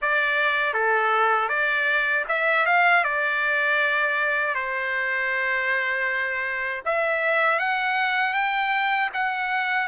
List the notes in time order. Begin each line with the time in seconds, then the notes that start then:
0.01 D5
0.73 A4
1.48 D5
2.28 E5
2.66 F5
3.03 D5
4.54 C5
6.85 E5
7.59 F#5
8.33 G5
9.13 F#5